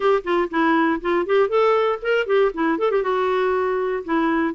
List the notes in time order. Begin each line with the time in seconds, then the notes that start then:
0.00 G4
0.24 F4
0.50 E4
1.01 F4
1.26 G4
1.49 A4
2.02 A#4
2.26 G4
2.54 E4
2.78 A4
2.91 G4
3.03 F#4
4.04 E4